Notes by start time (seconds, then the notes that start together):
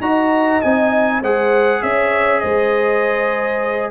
0.00 D#4 F#4 D#5 A#5
0.61 C4 D#4 G#5
1.21 G#3 G#4 C5 F#5
1.82 C#4 C#5 E5
2.40 G#3 C5 D#5